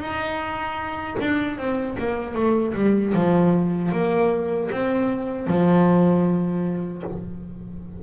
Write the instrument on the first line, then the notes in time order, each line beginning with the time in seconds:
double bass
0.00 D#4
1.21 D4
1.58 C4
1.99 A#3
2.35 A3
2.75 G3
3.15 F3
3.92 A#3
4.71 C4
5.48 F3